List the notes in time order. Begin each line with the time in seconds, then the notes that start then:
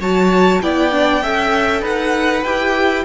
0.00 F#3 F#4 C#5 A5
0.62 B3 E4 D5 G5
0.92 D4
1.23 C#4 A4 E5
1.82 D#4 B4 F#5
2.44 E4 G4 G5